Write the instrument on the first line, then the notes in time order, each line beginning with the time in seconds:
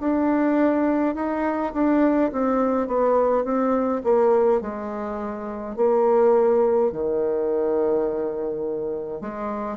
bassoon
0.00 D4
1.15 D#4
1.73 D4
2.32 C4
2.87 B3
3.44 C4
4.04 A#3
4.61 G#3
5.76 A#3
6.92 D#3
9.21 G#3